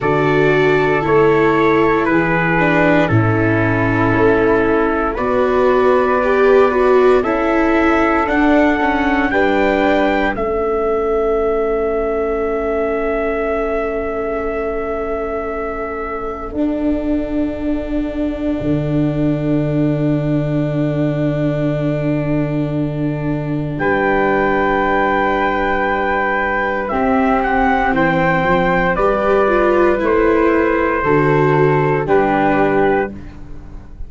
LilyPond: <<
  \new Staff \with { instrumentName = "trumpet" } { \time 4/4 \tempo 4 = 58 d''4 cis''4 b'4 a'4~ | a'4 d''2 e''4 | fis''4 g''4 e''2~ | e''1 |
fis''1~ | fis''2. g''4~ | g''2 e''8 fis''8 g''4 | d''4 c''2 b'4 | }
  \new Staff \with { instrumentName = "flute" } { \time 4/4 a'2 gis'4 e'4~ | e'4 b'2 a'4~ | a'4 b'4 a'2~ | a'1~ |
a'1~ | a'2. b'4~ | b'2 g'4 c''4 | b'2 a'4 g'4 | }
  \new Staff \with { instrumentName = "viola" } { \time 4/4 fis'4 e'4. d'8 cis'4~ | cis'4 fis'4 g'8 fis'8 e'4 | d'8 cis'8 d'4 cis'2~ | cis'1 |
d'1~ | d'1~ | d'2 c'2 | g'8 f'8 e'4 fis'4 d'4 | }
  \new Staff \with { instrumentName = "tuba" } { \time 4/4 d4 a4 e4 a,4 | a4 b2 cis'4 | d'4 g4 a2~ | a1 |
d'2 d2~ | d2. g4~ | g2 c'4 e8 f8 | g4 a4 d4 g4 | }
>>